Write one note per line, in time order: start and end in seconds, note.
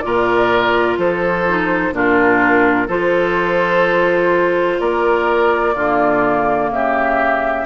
0.00 0.98 A#2
0.00 1.45 F4
0.00 0.99 A#4
0.00 0.95 D5
0.98 1.92 F3
0.98 1.94 A4
0.98 1.94 C5
1.48 1.93 D#4
1.92 2.88 A#2
1.92 2.88 D4
1.92 2.87 F4
1.92 2.89 A#4
2.87 4.79 F3
2.87 5.74 F4
2.87 4.78 A4
2.87 4.80 C5
4.80 5.76 A#3
4.80 5.74 A#4
4.80 6.71 D5
5.74 6.70 D3
5.74 7.65 A#3
5.74 6.70 F4
6.70 7.65 C#3
6.70 7.65 G4
6.70 7.65 E5